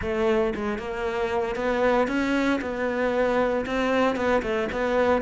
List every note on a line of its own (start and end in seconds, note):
0.01 0.53 A3
0.55 0.78 G#3
0.78 1.55 A#3
1.55 2.07 B3
2.07 2.59 C#4
2.61 3.65 B3
3.66 4.15 C4
4.15 4.42 B3
4.42 4.68 A3
4.71 5.21 B3